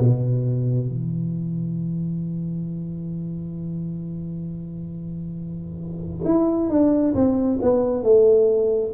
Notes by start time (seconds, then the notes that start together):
0.00 B2
0.88 E3
6.25 E4
6.70 D4
7.15 C4
7.62 B3
8.04 A3